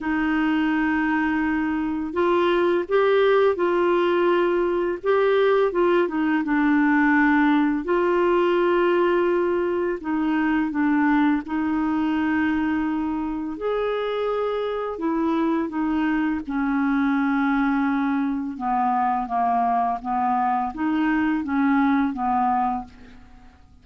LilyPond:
\new Staff \with { instrumentName = "clarinet" } { \time 4/4 \tempo 4 = 84 dis'2. f'4 | g'4 f'2 g'4 | f'8 dis'8 d'2 f'4~ | f'2 dis'4 d'4 |
dis'2. gis'4~ | gis'4 e'4 dis'4 cis'4~ | cis'2 b4 ais4 | b4 dis'4 cis'4 b4 | }